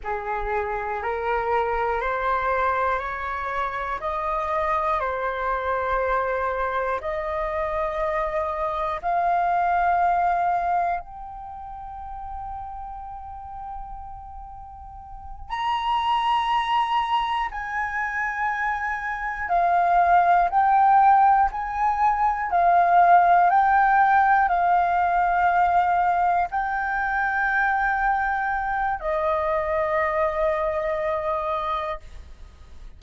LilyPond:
\new Staff \with { instrumentName = "flute" } { \time 4/4 \tempo 4 = 60 gis'4 ais'4 c''4 cis''4 | dis''4 c''2 dis''4~ | dis''4 f''2 g''4~ | g''2.~ g''8 ais''8~ |
ais''4. gis''2 f''8~ | f''8 g''4 gis''4 f''4 g''8~ | g''8 f''2 g''4.~ | g''4 dis''2. | }